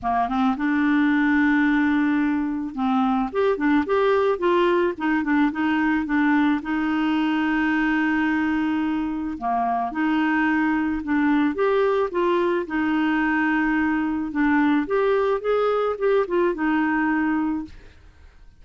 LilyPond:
\new Staff \with { instrumentName = "clarinet" } { \time 4/4 \tempo 4 = 109 ais8 c'8 d'2.~ | d'4 c'4 g'8 d'8 g'4 | f'4 dis'8 d'8 dis'4 d'4 | dis'1~ |
dis'4 ais4 dis'2 | d'4 g'4 f'4 dis'4~ | dis'2 d'4 g'4 | gis'4 g'8 f'8 dis'2 | }